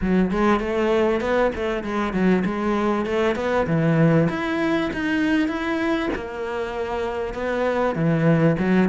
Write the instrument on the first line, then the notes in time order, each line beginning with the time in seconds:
cello
0.01 F#3
0.31 G#3
0.60 A3
1.21 B3
1.55 A3
1.83 G#3
2.13 F#3
2.45 G#3
3.05 A3
3.35 B3
3.67 E3
4.29 E4
4.93 D#4
5.47 E4
6.15 A#3
7.34 B3
7.95 E3
8.59 F#3